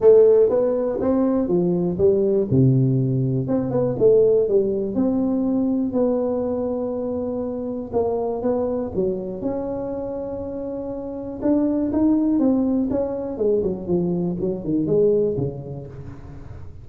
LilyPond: \new Staff \with { instrumentName = "tuba" } { \time 4/4 \tempo 4 = 121 a4 b4 c'4 f4 | g4 c2 c'8 b8 | a4 g4 c'2 | b1 |
ais4 b4 fis4 cis'4~ | cis'2. d'4 | dis'4 c'4 cis'4 gis8 fis8 | f4 fis8 dis8 gis4 cis4 | }